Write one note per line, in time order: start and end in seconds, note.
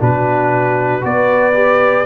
0.00 1.03 B2
0.00 1.01 D4
0.00 1.04 F#4
0.00 1.05 B4
1.01 2.05 B3
1.01 1.53 F#4
1.01 2.05 B4
1.01 2.05 D5
1.53 2.05 G4